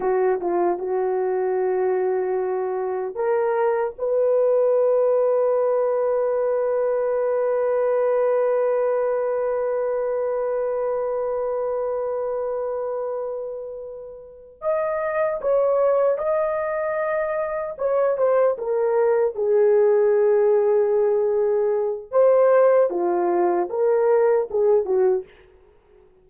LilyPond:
\new Staff \with { instrumentName = "horn" } { \time 4/4 \tempo 4 = 76 fis'8 f'8 fis'2. | ais'4 b'2.~ | b'1~ | b'1~ |
b'2~ b'8 dis''4 cis''8~ | cis''8 dis''2 cis''8 c''8 ais'8~ | ais'8 gis'2.~ gis'8 | c''4 f'4 ais'4 gis'8 fis'8 | }